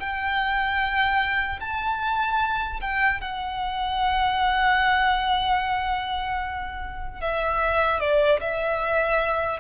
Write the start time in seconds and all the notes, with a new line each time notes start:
0.00 G5
1.61 A5
2.81 G5
3.21 F#5
7.21 E5
8.00 D5
8.41 E5